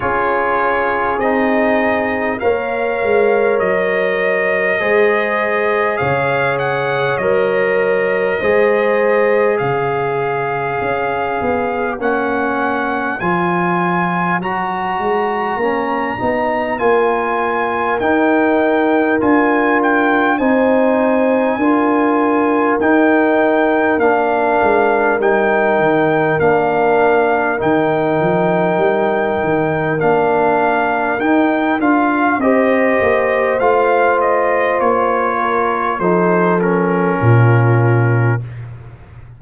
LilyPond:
<<
  \new Staff \with { instrumentName = "trumpet" } { \time 4/4 \tempo 4 = 50 cis''4 dis''4 f''4 dis''4~ | dis''4 f''8 fis''8 dis''2 | f''2 fis''4 gis''4 | ais''2 gis''4 g''4 |
gis''8 g''8 gis''2 g''4 | f''4 g''4 f''4 g''4~ | g''4 f''4 g''8 f''8 dis''4 | f''8 dis''8 cis''4 c''8 ais'4. | }
  \new Staff \with { instrumentName = "horn" } { \time 4/4 gis'2 cis''2 | c''4 cis''2 c''4 | cis''1~ | cis''2 ais'2~ |
ais'4 c''4 ais'2~ | ais'1~ | ais'2. c''4~ | c''4. ais'8 a'4 f'4 | }
  \new Staff \with { instrumentName = "trombone" } { \time 4/4 f'4 dis'4 ais'2 | gis'2 ais'4 gis'4~ | gis'2 cis'4 f'4 | fis'4 cis'8 dis'8 f'4 dis'4 |
f'4 dis'4 f'4 dis'4 | d'4 dis'4 d'4 dis'4~ | dis'4 d'4 dis'8 f'8 g'4 | f'2 dis'8 cis'4. | }
  \new Staff \with { instrumentName = "tuba" } { \time 4/4 cis'4 c'4 ais8 gis8 fis4 | gis4 cis4 fis4 gis4 | cis4 cis'8 b8 ais4 f4 | fis8 gis8 ais8 b8 ais4 dis'4 |
d'4 c'4 d'4 dis'4 | ais8 gis8 g8 dis8 ais4 dis8 f8 | g8 dis8 ais4 dis'8 d'8 c'8 ais8 | a4 ais4 f4 ais,4 | }
>>